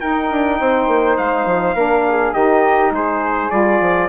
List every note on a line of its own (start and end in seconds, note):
0.00 1.75 D#4
0.00 0.31 D#4
0.00 0.59 A#4
0.00 1.17 G5
0.31 0.60 D4
0.60 0.88 C4
0.60 1.75 C5
0.88 1.17 A#3
1.17 1.46 G#3
1.17 2.33 F5
1.46 1.75 F3
1.75 2.33 A#3
1.75 2.34 D4
1.75 2.04 A#4
2.08 2.34 G#4
2.33 2.91 D#3
2.33 3.50 D#4
2.33 2.92 G4
2.33 2.92 D#5
2.91 3.49 G#3
2.91 4.09 G#4
2.91 3.51 C5
3.50 3.81 G3
3.50 4.08 F4
3.50 4.09 D5
3.81 4.09 F3